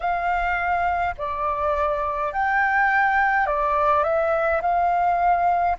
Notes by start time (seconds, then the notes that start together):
0.00 F5
1.17 D5
2.32 G5
3.46 D5
4.03 E5
4.62 F5